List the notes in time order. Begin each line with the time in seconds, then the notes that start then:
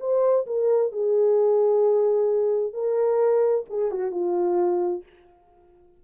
0.00 C5
0.46 A#4
0.92 G#4
2.73 A#4
3.69 G#4
3.91 F#4
4.11 F4